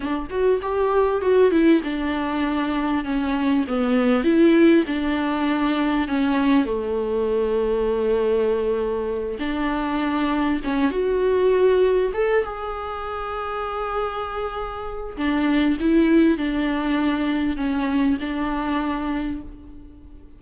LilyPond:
\new Staff \with { instrumentName = "viola" } { \time 4/4 \tempo 4 = 99 d'8 fis'8 g'4 fis'8 e'8 d'4~ | d'4 cis'4 b4 e'4 | d'2 cis'4 a4~ | a2.~ a8 d'8~ |
d'4. cis'8 fis'2 | a'8 gis'2.~ gis'8~ | gis'4 d'4 e'4 d'4~ | d'4 cis'4 d'2 | }